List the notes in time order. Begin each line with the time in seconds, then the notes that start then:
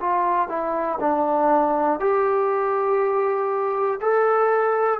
0.00 F4
0.48 E4
1.00 D4
2.00 G4
4.00 A4